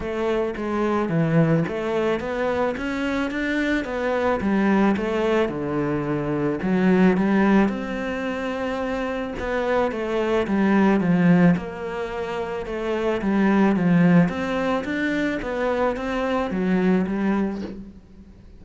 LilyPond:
\new Staff \with { instrumentName = "cello" } { \time 4/4 \tempo 4 = 109 a4 gis4 e4 a4 | b4 cis'4 d'4 b4 | g4 a4 d2 | fis4 g4 c'2~ |
c'4 b4 a4 g4 | f4 ais2 a4 | g4 f4 c'4 d'4 | b4 c'4 fis4 g4 | }